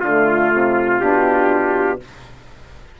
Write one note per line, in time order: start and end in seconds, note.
0.00 0.51 D3
0.00 0.99 A3
0.00 2.00 F4
0.00 1.00 F4
0.52 1.00 C3
0.99 2.00 B2
0.99 1.99 D4
0.99 2.00 G4